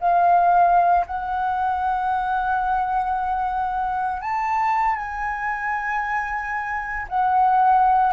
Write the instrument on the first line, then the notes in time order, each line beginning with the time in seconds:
flute
0.00 F5
1.06 F#5
4.21 A5
4.96 G#5
7.09 F#5